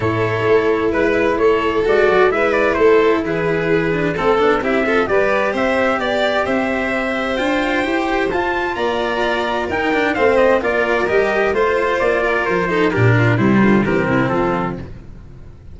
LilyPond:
<<
  \new Staff \with { instrumentName = "trumpet" } { \time 4/4 \tempo 4 = 130 cis''2 b'4 cis''4 | d''4 e''8 d''8 c''4 b'4~ | b'4 a'4 e''4 d''4 | e''4 d''4 e''2 |
g''2 a''4 ais''4~ | ais''4 g''4 f''8 dis''8 d''4 | dis''4 c''4 d''4 c''4 | ais'4 c''4 ais'4 a'4 | }
  \new Staff \with { instrumentName = "violin" } { \time 4/4 a'2 b'4 a'4~ | a'4 b'4 a'4 gis'4~ | gis'4 a'4 g'8 a'8 b'4 | c''4 d''4 c''2~ |
c''2. d''4~ | d''4 ais'4 c''4 ais'4~ | ais'4 c''4. ais'4 a'8 | g'8 f'8 e'8 f'8 g'8 e'8 f'4 | }
  \new Staff \with { instrumentName = "cello" } { \time 4/4 e'1 | fis'4 e'2.~ | e'8 d'8 c'8 d'8 e'8 f'8 g'4~ | g'1 |
f'4 g'4 f'2~ | f'4 dis'8 d'8 c'4 f'4 | g'4 f'2~ f'8 dis'8 | d'4 g4 c'2 | }
  \new Staff \with { instrumentName = "tuba" } { \time 4/4 a,4 a4 gis4 a4 | gis8 fis8 gis4 a4 e4~ | e4 a8 b8 c'4 g4 | c'4 b4 c'2 |
d'4 e'4 f'4 ais4~ | ais4 dis'4 a4 ais4 | g4 a4 ais4 f4 | ais,4 c8 d8 e8 c8 f4 | }
>>